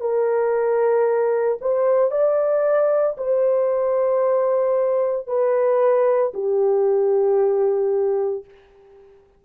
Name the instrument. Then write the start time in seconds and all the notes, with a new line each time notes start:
horn
0.00 A#4
1.61 C5
2.11 D5
3.17 C5
5.27 B4
6.33 G4